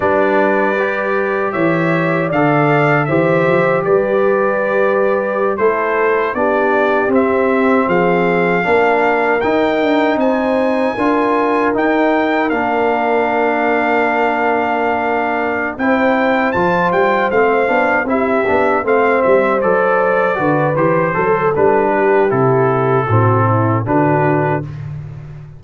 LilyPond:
<<
  \new Staff \with { instrumentName = "trumpet" } { \time 4/4 \tempo 4 = 78 d''2 e''4 f''4 | e''4 d''2~ d''16 c''8.~ | c''16 d''4 e''4 f''4.~ f''16~ | f''16 g''4 gis''2 g''8.~ |
g''16 f''2.~ f''8.~ | f''8 g''4 a''8 g''8 f''4 e''8~ | e''8 f''8 e''8 d''4. c''4 | b'4 a'2 b'4 | }
  \new Staff \with { instrumentName = "horn" } { \time 4/4 b'2 cis''4 d''4 | c''4 b'2~ b'16 a'8.~ | a'16 g'2 gis'4 ais'8.~ | ais'4~ ais'16 c''4 ais'4.~ ais'16~ |
ais'1~ | ais'8 c''2. g'8~ | g'8 c''2 b'4 a'8~ | a'8 g'4. fis'8 e'8 fis'4 | }
  \new Staff \with { instrumentName = "trombone" } { \time 4/4 d'4 g'2 a'4 | g'2.~ g'16 e'8.~ | e'16 d'4 c'2 d'8.~ | d'16 dis'2 f'4 dis'8.~ |
dis'16 d'2.~ d'8.~ | d'8 e'4 f'4 c'8 d'8 e'8 | d'8 c'4 a'4 fis'8 g'8 a'8 | d'4 e'4 c'4 d'4 | }
  \new Staff \with { instrumentName = "tuba" } { \time 4/4 g2 e4 d4 | e8 f8 g2~ g16 a8.~ | a16 b4 c'4 f4 ais8.~ | ais16 dis'8 d'8 c'4 d'4 dis'8.~ |
dis'16 ais2.~ ais8.~ | ais8 c'4 f8 g8 a8 b8 c'8 | b8 a8 g8 fis4 d8 e8 fis8 | g4 c4 a,4 d4 | }
>>